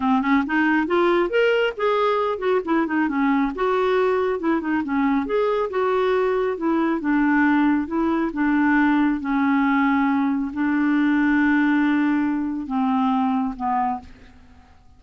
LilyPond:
\new Staff \with { instrumentName = "clarinet" } { \time 4/4 \tempo 4 = 137 c'8 cis'8 dis'4 f'4 ais'4 | gis'4. fis'8 e'8 dis'8 cis'4 | fis'2 e'8 dis'8 cis'4 | gis'4 fis'2 e'4 |
d'2 e'4 d'4~ | d'4 cis'2. | d'1~ | d'4 c'2 b4 | }